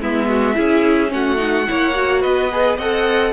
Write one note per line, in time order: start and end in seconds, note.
0.00 0.57 G#3
0.00 0.55 B3
0.00 0.28 E4
0.00 1.12 E5
0.28 0.56 F#4
0.55 1.12 C#4
0.55 1.08 E4
0.55 1.12 G#4
1.08 1.68 A3
1.08 1.36 C#4
1.08 2.22 F#5
1.15 1.69 F#4
1.36 1.64 D#4
1.67 2.24 A#3
1.67 1.94 E4
1.67 2.21 C#5
1.94 2.50 F#4
2.21 2.78 B3
2.21 2.76 B4
2.21 2.78 D#5
2.52 2.79 G#4
2.77 3.33 C4
2.77 3.33 A4
2.77 3.32 D#5
2.77 3.33 F#5